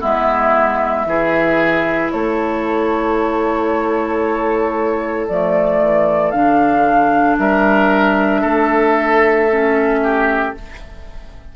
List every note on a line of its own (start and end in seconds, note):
0.00 1.05 G#3
0.00 1.05 B3
0.00 1.05 E4
0.00 2.11 E5
1.05 2.11 E3
1.05 5.28 E4
1.05 2.12 G#4
2.11 5.29 A3
2.11 7.38 A4
2.11 5.27 C#5
5.27 5.81 F3
5.27 6.33 A3
5.27 6.31 D5
5.81 6.32 E3
6.31 7.37 D3
6.31 9.49 D4
6.31 7.36 F5
7.38 8.43 G3
7.38 8.41 A#4
7.38 10.55 E5
8.41 10.54 A3
8.41 9.99 A4
9.49 10.55 C#4
10.03 10.55 G4